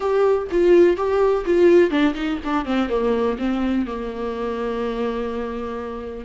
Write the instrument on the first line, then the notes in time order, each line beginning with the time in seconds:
viola
0.00 G4
0.51 F4
0.96 G4
1.45 F4
1.90 D4
2.14 D#4
2.44 D4
2.65 C4
2.89 A#3
3.38 C4
3.86 A#3